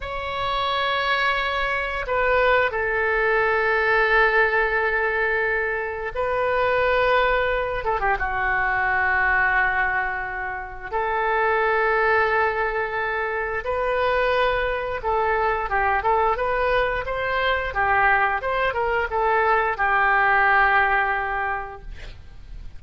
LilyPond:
\new Staff \with { instrumentName = "oboe" } { \time 4/4 \tempo 4 = 88 cis''2. b'4 | a'1~ | a'4 b'2~ b'8 a'16 g'16 | fis'1 |
a'1 | b'2 a'4 g'8 a'8 | b'4 c''4 g'4 c''8 ais'8 | a'4 g'2. | }